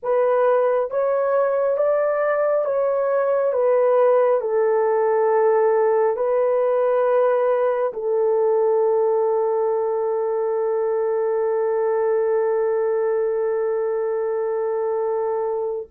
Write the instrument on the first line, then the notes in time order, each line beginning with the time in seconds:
horn
0.02 B4
0.90 C#5
1.76 D5
2.65 C#5
3.52 B4
4.40 A4
6.16 B4
7.93 A4